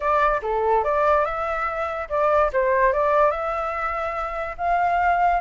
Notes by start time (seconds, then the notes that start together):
0.00 D5
0.42 A4
0.84 D5
1.25 E5
2.09 D5
2.52 C5
2.92 D5
3.30 E5
4.57 F5